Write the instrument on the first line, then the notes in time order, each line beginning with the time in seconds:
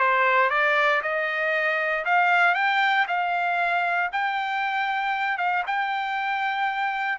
trumpet
0.00 C5
0.50 D5
1.03 D#5
2.05 F5
2.55 G5
3.08 F5
4.13 G5
5.38 F5
5.67 G5